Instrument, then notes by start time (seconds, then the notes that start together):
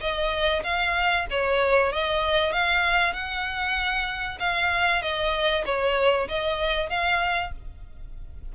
violin
0.00 D#5
0.63 F5
1.30 C#5
1.92 D#5
2.52 F5
3.13 F#5
4.39 F5
5.01 D#5
5.65 C#5
6.28 D#5
6.89 F5